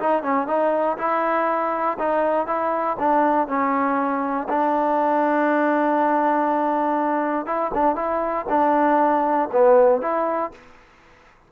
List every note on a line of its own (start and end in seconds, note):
0.00 0.23 D#4
0.23 0.48 C#4
0.48 0.98 D#4
0.98 1.98 E4
1.99 2.47 D#4
2.47 2.97 E4
3.00 3.48 D4
3.48 4.48 C#4
4.49 7.46 D4
7.46 7.71 E4
7.74 7.96 D4
7.96 8.46 E4
8.50 9.50 D4
9.53 10.02 B3
10.02 10.52 E4